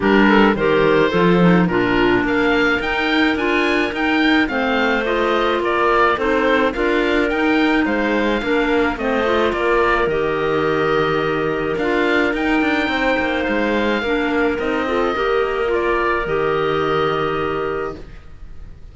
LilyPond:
<<
  \new Staff \with { instrumentName = "oboe" } { \time 4/4 \tempo 4 = 107 ais'4 c''2 ais'4 | f''4 g''4 gis''4 g''4 | f''4 dis''4 d''4 c''4 | f''4 g''4 f''2 |
dis''4 d''4 dis''2~ | dis''4 f''4 g''2 | f''2 dis''2 | d''4 dis''2. | }
  \new Staff \with { instrumentName = "clarinet" } { \time 4/4 g'8 a'8 ais'4 a'4 f'4 | ais'1 | c''2 ais'4 a'4 | ais'2 c''4 ais'4 |
c''4 ais'2.~ | ais'2. c''4~ | c''4 ais'4. a'8 ais'4~ | ais'1 | }
  \new Staff \with { instrumentName = "clarinet" } { \time 4/4 d'4 g'4 f'8 dis'8 d'4~ | d'4 dis'4 f'4 dis'4 | c'4 f'2 dis'4 | f'4 dis'2 d'4 |
c'8 f'4. g'2~ | g'4 f'4 dis'2~ | dis'4 d'4 dis'8 f'8 g'4 | f'4 g'2. | }
  \new Staff \with { instrumentName = "cello" } { \time 4/4 g4 dis4 f4 ais,4 | ais4 dis'4 d'4 dis'4 | a2 ais4 c'4 | d'4 dis'4 gis4 ais4 |
a4 ais4 dis2~ | dis4 d'4 dis'8 d'8 c'8 ais8 | gis4 ais4 c'4 ais4~ | ais4 dis2. | }
>>